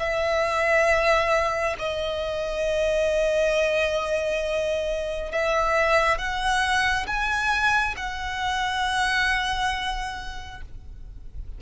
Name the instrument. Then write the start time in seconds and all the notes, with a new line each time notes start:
violin
0.00 E5
1.79 D#5
5.32 E5
6.18 F#5
7.07 G#5
7.97 F#5